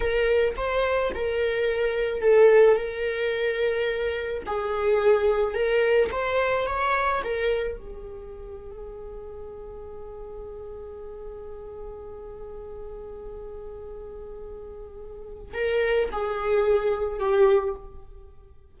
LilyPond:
\new Staff \with { instrumentName = "viola" } { \time 4/4 \tempo 4 = 108 ais'4 c''4 ais'2 | a'4 ais'2. | gis'2 ais'4 c''4 | cis''4 ais'4 gis'2~ |
gis'1~ | gis'1~ | gis'1 | ais'4 gis'2 g'4 | }